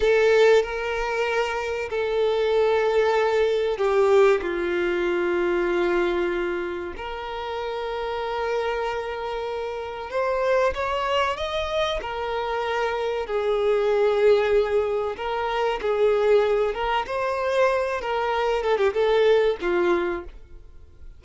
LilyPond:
\new Staff \with { instrumentName = "violin" } { \time 4/4 \tempo 4 = 95 a'4 ais'2 a'4~ | a'2 g'4 f'4~ | f'2. ais'4~ | ais'1 |
c''4 cis''4 dis''4 ais'4~ | ais'4 gis'2. | ais'4 gis'4. ais'8 c''4~ | c''8 ais'4 a'16 g'16 a'4 f'4 | }